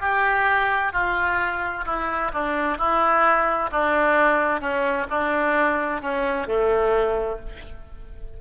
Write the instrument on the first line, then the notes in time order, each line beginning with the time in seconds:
oboe
0.00 G4
0.92 F4
1.85 E4
2.33 D4
2.77 E4
3.71 D4
4.60 C#4
5.09 D4
6.01 C#4
6.47 A3